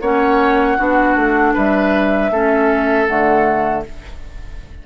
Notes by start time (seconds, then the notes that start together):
0.00 A#3 C#4 C#5 F#5
0.77 B3 D4 F#4
1.15 A3
1.54 G3 B4 E5
2.30 A3 C#4 A4
3.06 D3 A3 F#5